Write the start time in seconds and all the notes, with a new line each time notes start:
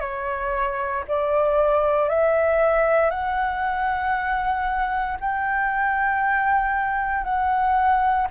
0.00 C#5
1.08 D5
2.09 E5
3.10 F#5
5.20 G5
7.24 F#5